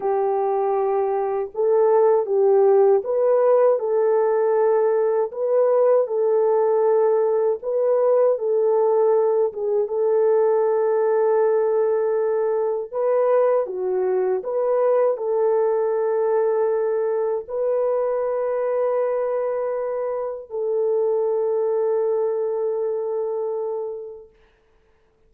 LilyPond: \new Staff \with { instrumentName = "horn" } { \time 4/4 \tempo 4 = 79 g'2 a'4 g'4 | b'4 a'2 b'4 | a'2 b'4 a'4~ | a'8 gis'8 a'2.~ |
a'4 b'4 fis'4 b'4 | a'2. b'4~ | b'2. a'4~ | a'1 | }